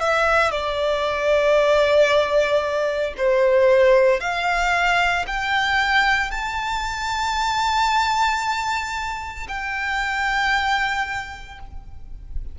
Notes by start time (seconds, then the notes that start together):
0.00 E5
0.51 D5
3.18 C5
4.20 F5
5.27 G5
6.31 A5
9.48 G5